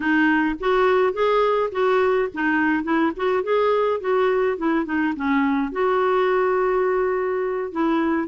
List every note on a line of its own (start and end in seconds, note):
0.00 0.55 D#4
0.60 1.13 F#4
1.13 1.70 G#4
1.71 2.28 F#4
2.34 2.83 D#4
2.83 3.12 E4
3.16 3.43 F#4
3.43 4.00 G#4
4.00 4.57 F#4
4.57 4.85 E4
4.85 5.14 D#4
5.16 5.71 C#4
5.71 7.71 F#4
7.71 8.28 E4